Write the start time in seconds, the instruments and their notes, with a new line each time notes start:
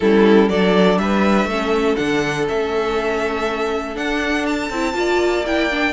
0.00 cello G3, viola C#4, violin E4 A4
0.49 cello F#3, viola D4, violin A4 D5
0.98 cello G3, violin B4 E5
1.45 cello A3, violin A4
1.51 viola C#4
1.96 cello D3, viola D4, violin F#5
2.46 cello A3, viola C#4, violin E5
3.95 viola D4, cello D4, violin F#5
4.46 violin A5
4.69 cello C4, viola E4
4.93 cello A#3, viola F4, violin D5
5.45 viola E4, violin G5
5.70 viola D4